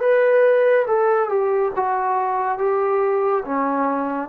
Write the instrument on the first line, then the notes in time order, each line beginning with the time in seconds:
trombone
0.00 B4
0.87 A4
1.29 G4
1.76 F#4
2.58 G4
3.45 C#4